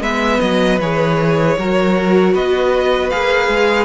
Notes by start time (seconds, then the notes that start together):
0.00 G#3 B3 B4 E5
0.40 F#3 D#5
0.79 E3 G#4 C#5
1.57 F#3 F#4 A#4
2.33 B3 B4 D#5
3.10 A#3 G#4 F5
3.47 G#3